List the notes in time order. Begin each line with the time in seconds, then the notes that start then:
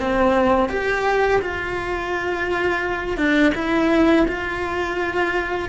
0.00 C4
0.70 G4
1.42 F4
3.18 D4
3.55 E4
4.28 F4